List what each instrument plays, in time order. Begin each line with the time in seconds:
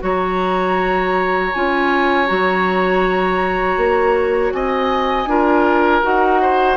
0.00 bassoon F#3, clarinet F#4, oboe C#5, flute A#5
1.53 bassoon C#4, clarinet F4, flute G#5
2.27 bassoon F#3, clarinet F#4, flute A#5
3.77 bassoon A#3
4.53 bassoon C4, oboe D#5, flute G#5
5.26 bassoon D4, clarinet F4, oboe A#4
6.02 bassoon D#4, clarinet F#4, flute F#5
6.42 oboe C5